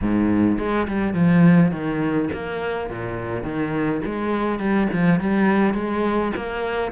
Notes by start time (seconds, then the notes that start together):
0.01 G#2
0.58 G#3
0.87 G3
1.13 F3
1.71 D#3
2.33 A#3
2.90 A#2
3.43 D#3
4.05 G#3
4.59 G3
4.92 F3
5.19 G3
5.74 G#3
6.36 A#3